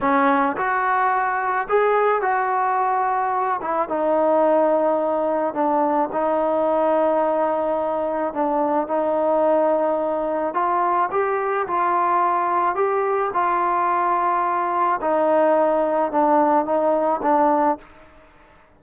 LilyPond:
\new Staff \with { instrumentName = "trombone" } { \time 4/4 \tempo 4 = 108 cis'4 fis'2 gis'4 | fis'2~ fis'8 e'8 dis'4~ | dis'2 d'4 dis'4~ | dis'2. d'4 |
dis'2. f'4 | g'4 f'2 g'4 | f'2. dis'4~ | dis'4 d'4 dis'4 d'4 | }